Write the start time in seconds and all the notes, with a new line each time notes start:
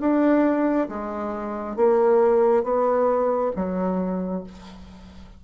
0.00 D4
0.88 G#3
1.76 A#3
2.63 B3
3.55 F#3